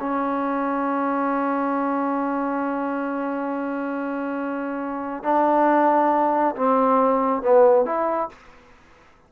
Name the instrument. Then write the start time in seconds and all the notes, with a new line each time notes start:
trombone
0.00 C#4
5.24 D4
6.55 C4
7.42 B3
7.85 E4